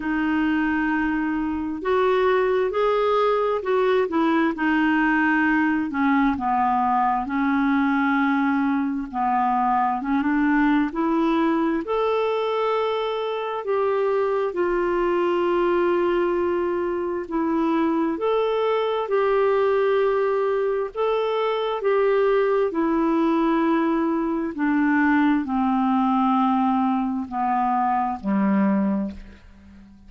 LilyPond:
\new Staff \with { instrumentName = "clarinet" } { \time 4/4 \tempo 4 = 66 dis'2 fis'4 gis'4 | fis'8 e'8 dis'4. cis'8 b4 | cis'2 b4 cis'16 d'8. | e'4 a'2 g'4 |
f'2. e'4 | a'4 g'2 a'4 | g'4 e'2 d'4 | c'2 b4 g4 | }